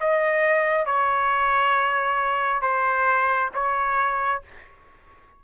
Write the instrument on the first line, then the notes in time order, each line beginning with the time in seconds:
trumpet
0.00 D#5
0.86 C#5
2.61 C5
3.54 C#5